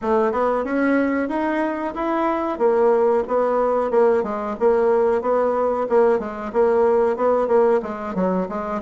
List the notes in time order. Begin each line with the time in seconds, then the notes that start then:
0.01 A3
0.32 B3
0.64 C#4
1.29 D#4
1.94 E4
2.58 A#3
3.27 B3
3.90 A#3
4.23 G#3
4.59 A#3
5.21 B3
5.89 A#3
6.19 G#3
6.52 A#3
7.16 B3
7.47 A#3
7.82 G#3
8.14 F#3
8.48 G#3